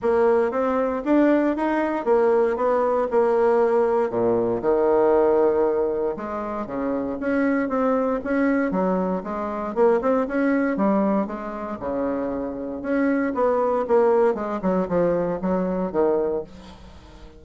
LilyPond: \new Staff \with { instrumentName = "bassoon" } { \time 4/4 \tempo 4 = 117 ais4 c'4 d'4 dis'4 | ais4 b4 ais2 | ais,4 dis2. | gis4 cis4 cis'4 c'4 |
cis'4 fis4 gis4 ais8 c'8 | cis'4 g4 gis4 cis4~ | cis4 cis'4 b4 ais4 | gis8 fis8 f4 fis4 dis4 | }